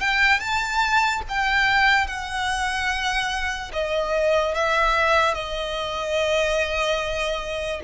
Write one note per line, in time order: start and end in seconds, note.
0.00 0.40 G5
0.40 1.22 A5
1.29 2.07 G5
2.07 3.71 F#5
3.73 4.55 D#5
4.55 5.34 E5
5.34 7.81 D#5